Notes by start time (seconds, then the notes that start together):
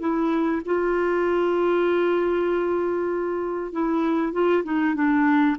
0.00 E4
0.66 F4
3.73 E4
4.33 F4
4.64 D#4
4.95 D4